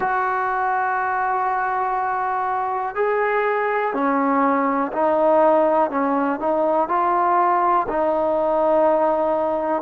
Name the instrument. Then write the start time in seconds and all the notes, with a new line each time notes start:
trombone
0.00 F#4
2.95 G#4
3.93 C#4
4.92 D#4
5.90 C#4
6.39 D#4
6.88 F4
7.88 D#4